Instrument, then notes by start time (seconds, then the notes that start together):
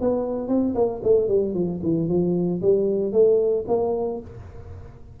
tuba
0.00 B3
0.48 C4
0.74 A#3
1.03 A3
1.28 G3
1.54 F3
1.83 E3
2.08 F3
2.61 G3
3.12 A3
3.67 A#3